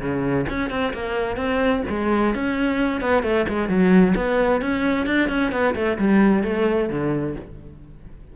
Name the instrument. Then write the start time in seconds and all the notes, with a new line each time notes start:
cello
0.00 C#3
0.50 C#4
0.70 C4
0.93 A#3
1.37 C4
1.89 G#3
2.35 C#4
3.01 B3
3.23 A3
3.49 G#3
3.69 F#3
4.16 B3
4.62 C#4
5.06 D4
5.29 C#4
5.52 B3
5.75 A3
5.98 G3
6.44 A3
6.90 D3